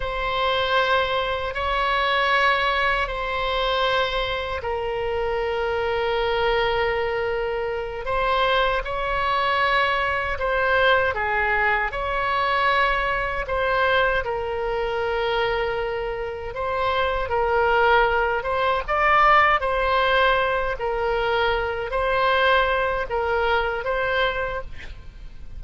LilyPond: \new Staff \with { instrumentName = "oboe" } { \time 4/4 \tempo 4 = 78 c''2 cis''2 | c''2 ais'2~ | ais'2~ ais'8 c''4 cis''8~ | cis''4. c''4 gis'4 cis''8~ |
cis''4. c''4 ais'4.~ | ais'4. c''4 ais'4. | c''8 d''4 c''4. ais'4~ | ais'8 c''4. ais'4 c''4 | }